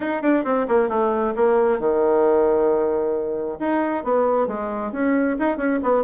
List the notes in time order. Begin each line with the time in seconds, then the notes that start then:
0.00 D#4
0.21 D4
0.44 C4
0.67 A#3
0.89 A3
1.36 A#3
1.79 D#3
3.59 D#4
4.04 B3
4.47 G#3
4.92 C#4
5.39 D#4
5.57 C#4
5.82 B3